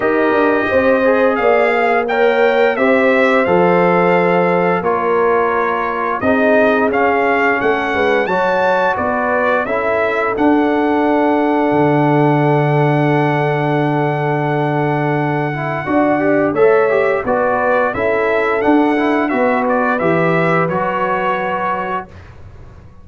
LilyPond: <<
  \new Staff \with { instrumentName = "trumpet" } { \time 4/4 \tempo 4 = 87 dis''2 f''4 g''4 | e''4 f''2 cis''4~ | cis''4 dis''4 f''4 fis''4 | a''4 d''4 e''4 fis''4~ |
fis''1~ | fis''1 | e''4 d''4 e''4 fis''4 | e''8 d''8 e''4 cis''2 | }
  \new Staff \with { instrumentName = "horn" } { \time 4/4 ais'4 c''4 d''8 f''8 cis''4 | c''2. ais'4~ | ais'4 gis'2 a'8 b'8 | cis''4 b'4 a'2~ |
a'1~ | a'2. d''4 | cis''4 b'4 a'2 | b'1 | }
  \new Staff \with { instrumentName = "trombone" } { \time 4/4 g'4. gis'4. ais'4 | g'4 a'2 f'4~ | f'4 dis'4 cis'2 | fis'2 e'4 d'4~ |
d'1~ | d'2~ d'8 e'8 fis'8 g'8 | a'8 g'8 fis'4 e'4 d'8 e'8 | fis'4 g'4 fis'2 | }
  \new Staff \with { instrumentName = "tuba" } { \time 4/4 dis'8 d'8 c'4 ais2 | c'4 f2 ais4~ | ais4 c'4 cis'4 a8 gis8 | fis4 b4 cis'4 d'4~ |
d'4 d2.~ | d2. d'4 | a4 b4 cis'4 d'4 | b4 e4 fis2 | }
>>